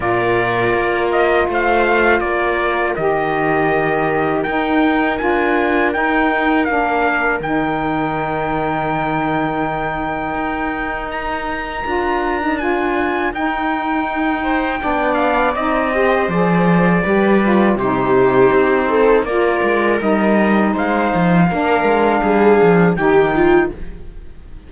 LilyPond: <<
  \new Staff \with { instrumentName = "trumpet" } { \time 4/4 \tempo 4 = 81 d''4. dis''8 f''4 d''4 | dis''2 g''4 gis''4 | g''4 f''4 g''2~ | g''2. ais''4~ |
ais''4 gis''4 g''2~ | g''8 f''8 dis''4 d''2 | c''2 d''4 dis''4 | f''2. g''4 | }
  \new Staff \with { instrumentName = "viola" } { \time 4/4 ais'2 c''4 ais'4~ | ais'1~ | ais'1~ | ais'1~ |
ais'2.~ ais'8 c''8 | d''4. c''4. b'4 | g'4. a'8 ais'2 | c''4 ais'4 gis'4 g'8 f'8 | }
  \new Staff \with { instrumentName = "saxophone" } { \time 4/4 f'1 | g'2 dis'4 f'4 | dis'4 d'4 dis'2~ | dis'1 |
f'8. dis'16 f'4 dis'2 | d'4 dis'8 g'8 gis'4 g'8 f'8 | dis'2 f'4 dis'4~ | dis'4 d'2 dis'4 | }
  \new Staff \with { instrumentName = "cello" } { \time 4/4 ais,4 ais4 a4 ais4 | dis2 dis'4 d'4 | dis'4 ais4 dis2~ | dis2 dis'2 |
d'2 dis'2 | b4 c'4 f4 g4 | c4 c'4 ais8 gis8 g4 | gis8 f8 ais8 gis8 g8 f8 dis4 | }
>>